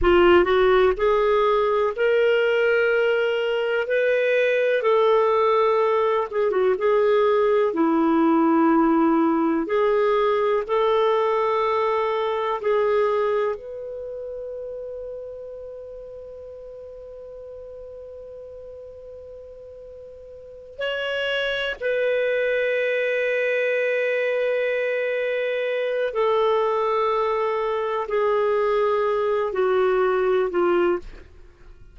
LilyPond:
\new Staff \with { instrumentName = "clarinet" } { \time 4/4 \tempo 4 = 62 f'8 fis'8 gis'4 ais'2 | b'4 a'4. gis'16 fis'16 gis'4 | e'2 gis'4 a'4~ | a'4 gis'4 b'2~ |
b'1~ | b'4. cis''4 b'4.~ | b'2. a'4~ | a'4 gis'4. fis'4 f'8 | }